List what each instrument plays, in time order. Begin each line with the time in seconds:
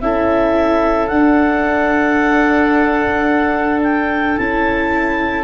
0.00 tuba C#4, viola E4, oboe A4, clarinet E5
1.07 tuba D4, viola D4, clarinet F#5
3.82 clarinet G5
4.37 tuba C#4, viola E4, clarinet A5